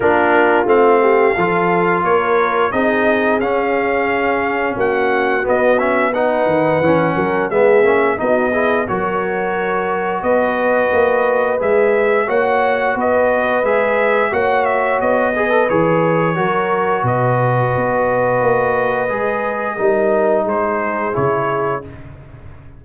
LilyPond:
<<
  \new Staff \with { instrumentName = "trumpet" } { \time 4/4 \tempo 4 = 88 ais'4 f''2 cis''4 | dis''4 f''2 fis''4 | dis''8 e''8 fis''2 e''4 | dis''4 cis''2 dis''4~ |
dis''4 e''4 fis''4 dis''4 | e''4 fis''8 e''8 dis''4 cis''4~ | cis''4 dis''2.~ | dis''2 c''4 cis''4 | }
  \new Staff \with { instrumentName = "horn" } { \time 4/4 f'4. g'8 a'4 ais'4 | gis'2. fis'4~ | fis'4 b'4. ais'8 gis'4 | fis'8 gis'8 ais'2 b'4~ |
b'2 cis''4 b'4~ | b'4 cis''4. b'4. | ais'4 b'2.~ | b'4 ais'4 gis'2 | }
  \new Staff \with { instrumentName = "trombone" } { \time 4/4 d'4 c'4 f'2 | dis'4 cis'2. | b8 cis'8 dis'4 cis'4 b8 cis'8 | dis'8 e'8 fis'2.~ |
fis'4 gis'4 fis'2 | gis'4 fis'4. gis'16 a'16 gis'4 | fis'1 | gis'4 dis'2 e'4 | }
  \new Staff \with { instrumentName = "tuba" } { \time 4/4 ais4 a4 f4 ais4 | c'4 cis'2 ais4 | b4. dis8 e8 fis8 gis8 ais8 | b4 fis2 b4 |
ais4 gis4 ais4 b4 | gis4 ais4 b4 e4 | fis4 b,4 b4 ais4 | gis4 g4 gis4 cis4 | }
>>